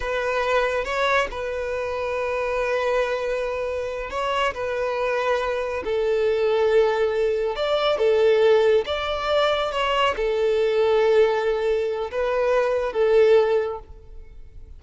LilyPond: \new Staff \with { instrumentName = "violin" } { \time 4/4 \tempo 4 = 139 b'2 cis''4 b'4~ | b'1~ | b'4. cis''4 b'4.~ | b'4. a'2~ a'8~ |
a'4. d''4 a'4.~ | a'8 d''2 cis''4 a'8~ | a'1 | b'2 a'2 | }